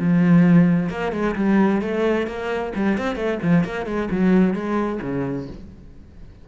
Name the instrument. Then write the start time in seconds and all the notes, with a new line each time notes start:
cello
0.00 F3
0.90 A#3
1.13 G#3
1.36 G3
1.82 A3
2.27 A#3
2.76 G3
2.98 C4
3.16 A3
3.43 F3
3.65 A#3
3.87 G#3
4.11 F#3
4.54 G#3
5.02 C#3